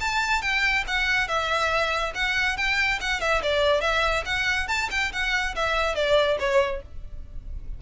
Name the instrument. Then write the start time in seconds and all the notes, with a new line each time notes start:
violin
0.00 A5
0.42 G5
0.87 F#5
1.28 E5
2.15 F#5
2.57 G5
3.00 F#5
3.20 E5
3.42 D5
3.81 E5
4.25 F#5
4.68 A5
4.91 G5
5.12 F#5
5.55 E5
5.95 D5
6.39 C#5